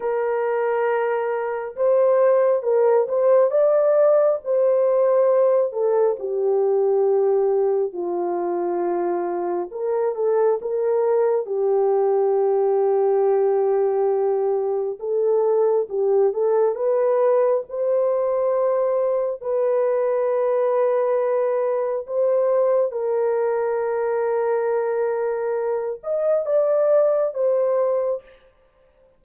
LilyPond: \new Staff \with { instrumentName = "horn" } { \time 4/4 \tempo 4 = 68 ais'2 c''4 ais'8 c''8 | d''4 c''4. a'8 g'4~ | g'4 f'2 ais'8 a'8 | ais'4 g'2.~ |
g'4 a'4 g'8 a'8 b'4 | c''2 b'2~ | b'4 c''4 ais'2~ | ais'4. dis''8 d''4 c''4 | }